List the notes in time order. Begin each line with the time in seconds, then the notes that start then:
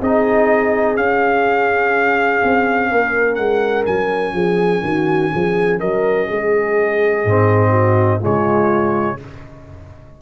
0.00 C4 D#4 G#4 D#5
0.96 C#4 F5
2.43 C4
2.91 A#3 A#4
3.35 G#3 F#5
3.85 F#3 G#5
4.32 F3 G#4
4.82 D#3 F#4
5.32 F3 G#4
5.79 F#3 A#4 D#5
6.27 G#3 G#4
7.24 G#2 C4
7.70 F#4
8.20 C#3 G#3 F4 C#5